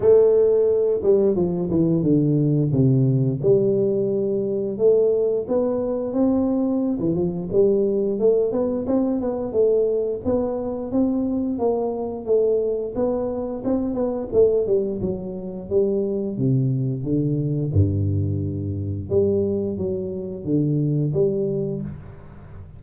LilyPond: \new Staff \with { instrumentName = "tuba" } { \time 4/4 \tempo 4 = 88 a4. g8 f8 e8 d4 | c4 g2 a4 | b4 c'4~ c'16 e16 f8 g4 | a8 b8 c'8 b8 a4 b4 |
c'4 ais4 a4 b4 | c'8 b8 a8 g8 fis4 g4 | c4 d4 g,2 | g4 fis4 d4 g4 | }